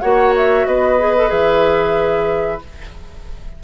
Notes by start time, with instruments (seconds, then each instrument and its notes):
0.00 bassoon A#3, clarinet F#4, oboe C#5, flute F#5
0.36 flute E5
0.66 bassoon B3, oboe B4, flute D#5
0.99 clarinet G#4
1.16 clarinet A4
1.28 bassoon E3, clarinet G#4, flute E5